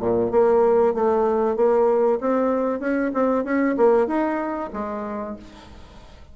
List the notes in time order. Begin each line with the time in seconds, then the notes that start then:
0.00 A#2
0.31 A#3
0.94 A3
1.56 A#3
2.20 C4
2.80 C#4
3.14 C4
3.44 C#4
3.77 A#3
4.07 D#4
4.73 G#3